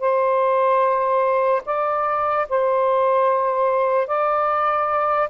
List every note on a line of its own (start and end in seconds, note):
0.00 1.62 C5
1.66 2.47 D5
2.50 4.07 C5
4.07 5.29 D5